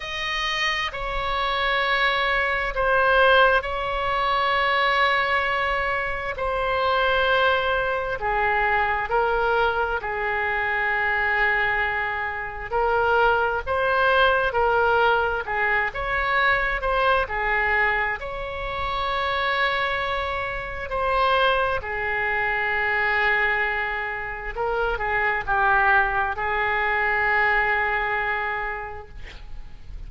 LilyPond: \new Staff \with { instrumentName = "oboe" } { \time 4/4 \tempo 4 = 66 dis''4 cis''2 c''4 | cis''2. c''4~ | c''4 gis'4 ais'4 gis'4~ | gis'2 ais'4 c''4 |
ais'4 gis'8 cis''4 c''8 gis'4 | cis''2. c''4 | gis'2. ais'8 gis'8 | g'4 gis'2. | }